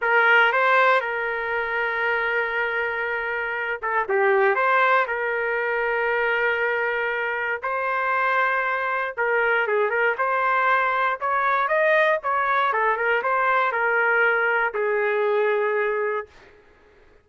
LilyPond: \new Staff \with { instrumentName = "trumpet" } { \time 4/4 \tempo 4 = 118 ais'4 c''4 ais'2~ | ais'2.~ ais'8 a'8 | g'4 c''4 ais'2~ | ais'2. c''4~ |
c''2 ais'4 gis'8 ais'8 | c''2 cis''4 dis''4 | cis''4 a'8 ais'8 c''4 ais'4~ | ais'4 gis'2. | }